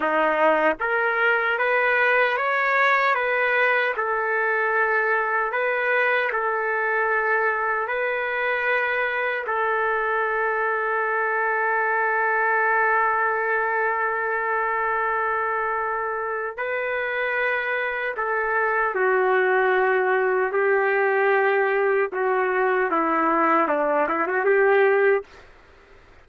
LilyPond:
\new Staff \with { instrumentName = "trumpet" } { \time 4/4 \tempo 4 = 76 dis'4 ais'4 b'4 cis''4 | b'4 a'2 b'4 | a'2 b'2 | a'1~ |
a'1~ | a'4 b'2 a'4 | fis'2 g'2 | fis'4 e'4 d'8 e'16 fis'16 g'4 | }